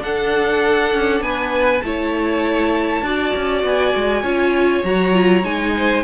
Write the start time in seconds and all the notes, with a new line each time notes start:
0.00 D4 A4 F#5
0.95 C#4
1.21 B3 B4 G#5
1.82 A3 E4 C#5 A5
3.02 D4 F#4 D5
3.36 C#4
3.64 B3 G#5
3.96 G#3
4.23 C#4 F4 C#5
4.84 F#3 F#4 A#5
5.13 F4
5.44 G#3 D#4 G#5
5.77 C5